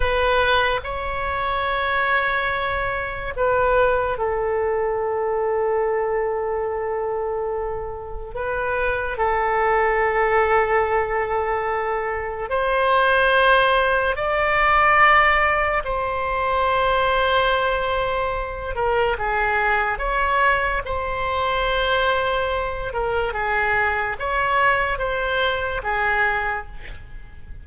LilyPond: \new Staff \with { instrumentName = "oboe" } { \time 4/4 \tempo 4 = 72 b'4 cis''2. | b'4 a'2.~ | a'2 b'4 a'4~ | a'2. c''4~ |
c''4 d''2 c''4~ | c''2~ c''8 ais'8 gis'4 | cis''4 c''2~ c''8 ais'8 | gis'4 cis''4 c''4 gis'4 | }